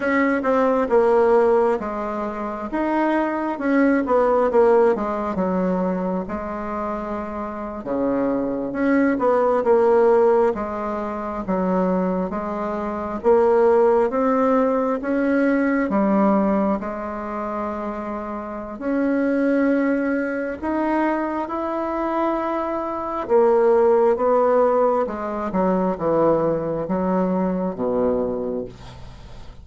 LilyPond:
\new Staff \with { instrumentName = "bassoon" } { \time 4/4 \tempo 4 = 67 cis'8 c'8 ais4 gis4 dis'4 | cis'8 b8 ais8 gis8 fis4 gis4~ | gis8. cis4 cis'8 b8 ais4 gis16~ | gis8. fis4 gis4 ais4 c'16~ |
c'8. cis'4 g4 gis4~ gis16~ | gis4 cis'2 dis'4 | e'2 ais4 b4 | gis8 fis8 e4 fis4 b,4 | }